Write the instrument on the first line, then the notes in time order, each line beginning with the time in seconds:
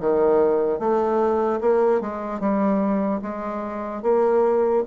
bassoon
0.00 D#3
0.79 A3
1.60 A#3
2.01 G#3
2.40 G3
3.22 G#3
4.02 A#3